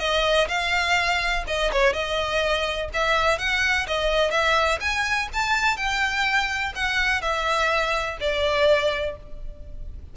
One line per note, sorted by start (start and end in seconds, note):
0.00 0.48 D#5
0.48 1.44 F5
1.48 1.72 D#5
1.73 1.94 C#5
1.94 2.90 D#5
2.94 3.39 E5
3.39 3.87 F#5
3.88 4.31 D#5
4.31 4.79 E5
4.81 5.29 G#5
5.33 5.77 A5
5.77 6.73 G5
6.76 7.22 F#5
7.22 8.18 E5
8.21 9.17 D5